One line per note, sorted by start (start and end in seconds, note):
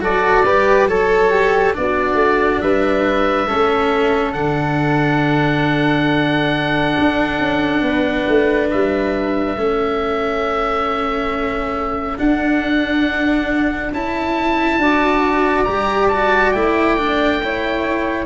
0.00 0.43 F#3
0.00 0.44 F#4
0.00 0.45 A4
0.00 0.89 D5
0.45 0.87 G3
0.45 0.88 G4
0.45 0.88 B4
0.87 1.74 F#3
0.87 1.73 A4
0.87 1.30 A4
0.87 1.74 C#5
1.30 1.74 G4
1.73 2.14 B3
1.73 3.47 D4
1.73 2.62 F#4
1.73 2.61 D5
2.14 2.58 A3
2.61 3.49 G3
2.61 3.47 B4
2.61 4.33 E5
3.47 4.34 A3
3.47 4.35 C#4
3.47 7.82 A4
4.33 6.95 D3
4.33 9.57 D4
4.33 8.67 F#5
6.99 7.39 D4
7.39 7.81 C#4
7.81 8.25 B3
7.81 9.60 B4
8.28 8.71 A3
8.70 9.57 G3
8.70 12.18 E5
9.57 12.17 A3
9.57 12.18 C#4
9.57 14.82 A4
12.18 13.92 D4
12.18 13.93 F#5
13.92 14.77 C#4
13.92 14.80 E4
13.92 15.64 A5
14.77 15.64 D4
14.77 15.67 F#4
14.77 17.42 D5
15.64 16.54 G3
15.64 16.11 G4
15.64 16.08 A#5
16.08 16.54 F#4
16.08 16.52 A5
16.52 18.26 A3
16.52 16.97 E4
16.52 18.26 G5
16.97 17.41 D4
17.43 18.26 E4
17.43 18.26 C#5